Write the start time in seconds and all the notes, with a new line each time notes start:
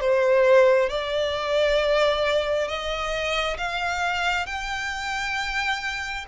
0.00 C5
0.89 D5
2.67 D#5
3.57 F5
4.46 G5